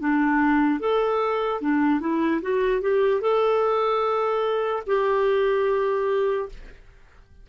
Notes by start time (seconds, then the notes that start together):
0.00 D4
0.80 A4
1.61 D4
2.00 E4
2.42 F#4
2.81 G4
3.21 A4
4.87 G4